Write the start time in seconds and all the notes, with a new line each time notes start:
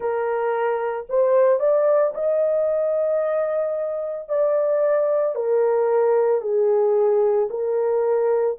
0.00 A#4
1.09 C5
1.59 D5
2.14 D#5
4.29 D5
5.35 A#4
6.41 G#4
7.50 A#4